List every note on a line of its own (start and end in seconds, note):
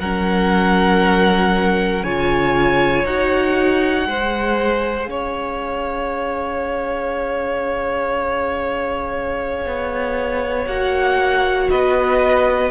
0.00 2.03 F#3
0.00 2.05 C#4
0.00 2.04 A#4
0.00 2.03 F#5
2.03 3.05 C#3
2.03 3.06 F4
2.03 4.07 C#5
2.03 3.05 G#5
3.05 4.06 D#4
3.05 4.06 F#4
3.05 5.06 F#5
4.06 5.08 G#3
4.06 10.67 G#4
4.06 5.10 C5
5.06 9.65 C#4
5.06 11.70 C#5
5.06 10.65 F5
9.65 10.66 B3
10.66 11.68 A#3
10.66 12.71 F#4
10.66 11.69 F#5
11.70 12.71 B3
11.70 12.71 B4
11.70 12.71 D#5